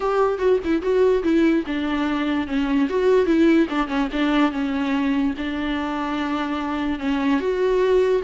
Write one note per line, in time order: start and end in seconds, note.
0.00 0.38 G4
0.38 0.59 F#4
0.64 0.81 E4
0.81 1.23 F#4
1.23 1.64 E4
1.66 2.47 D4
2.47 2.88 C#4
2.89 3.26 F#4
3.26 3.67 E4
3.69 3.87 D4
3.87 4.08 C#4
4.12 4.51 D4
4.51 5.33 C#4
5.37 6.99 D4
6.99 7.40 C#4
7.40 8.22 F#4